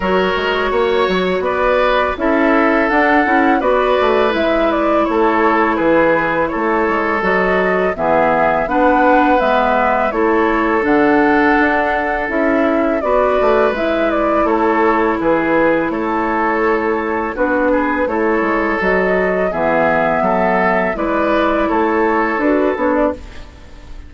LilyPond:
<<
  \new Staff \with { instrumentName = "flute" } { \time 4/4 \tempo 4 = 83 cis''2 d''4 e''4 | fis''4 d''4 e''8 d''8 cis''4 | b'4 cis''4 dis''4 e''4 | fis''4 e''4 cis''4 fis''4~ |
fis''4 e''4 d''4 e''8 d''8 | cis''4 b'4 cis''2 | b'4 cis''4 dis''4 e''4~ | e''4 d''4 cis''4 b'8 cis''16 d''16 | }
  \new Staff \with { instrumentName = "oboe" } { \time 4/4 ais'4 cis''4 b'4 a'4~ | a'4 b'2 a'4 | gis'4 a'2 gis'4 | b'2 a'2~ |
a'2 b'2 | a'4 gis'4 a'2 | fis'8 gis'8 a'2 gis'4 | a'4 b'4 a'2 | }
  \new Staff \with { instrumentName = "clarinet" } { \time 4/4 fis'2. e'4 | d'8 e'8 fis'4 e'2~ | e'2 fis'4 b4 | d'4 b4 e'4 d'4~ |
d'4 e'4 fis'4 e'4~ | e'1 | d'4 e'4 fis'4 b4~ | b4 e'2 fis'8 d'8 | }
  \new Staff \with { instrumentName = "bassoon" } { \time 4/4 fis8 gis8 ais8 fis8 b4 cis'4 | d'8 cis'8 b8 a8 gis4 a4 | e4 a8 gis8 fis4 e4 | b4 gis4 a4 d4 |
d'4 cis'4 b8 a8 gis4 | a4 e4 a2 | b4 a8 gis8 fis4 e4 | fis4 gis4 a4 d'8 b8 | }
>>